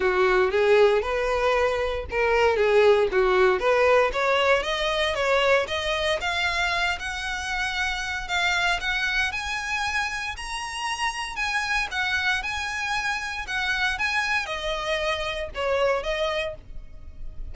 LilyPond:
\new Staff \with { instrumentName = "violin" } { \time 4/4 \tempo 4 = 116 fis'4 gis'4 b'2 | ais'4 gis'4 fis'4 b'4 | cis''4 dis''4 cis''4 dis''4 | f''4. fis''2~ fis''8 |
f''4 fis''4 gis''2 | ais''2 gis''4 fis''4 | gis''2 fis''4 gis''4 | dis''2 cis''4 dis''4 | }